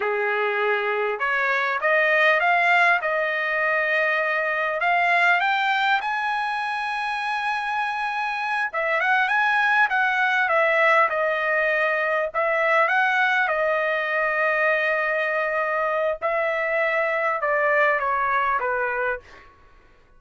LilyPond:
\new Staff \with { instrumentName = "trumpet" } { \time 4/4 \tempo 4 = 100 gis'2 cis''4 dis''4 | f''4 dis''2. | f''4 g''4 gis''2~ | gis''2~ gis''8 e''8 fis''8 gis''8~ |
gis''8 fis''4 e''4 dis''4.~ | dis''8 e''4 fis''4 dis''4.~ | dis''2. e''4~ | e''4 d''4 cis''4 b'4 | }